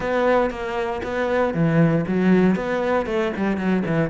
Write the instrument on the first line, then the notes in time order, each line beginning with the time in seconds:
cello
0.00 B3
0.50 A#3
1.03 B3
1.54 E3
2.07 F#3
2.55 B3
3.06 A3
3.36 G3
3.57 F#3
3.86 E3